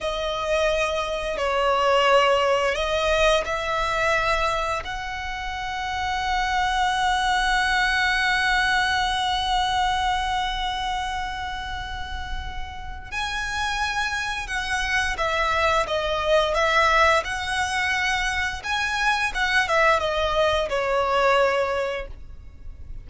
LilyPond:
\new Staff \with { instrumentName = "violin" } { \time 4/4 \tempo 4 = 87 dis''2 cis''2 | dis''4 e''2 fis''4~ | fis''1~ | fis''1~ |
fis''2. gis''4~ | gis''4 fis''4 e''4 dis''4 | e''4 fis''2 gis''4 | fis''8 e''8 dis''4 cis''2 | }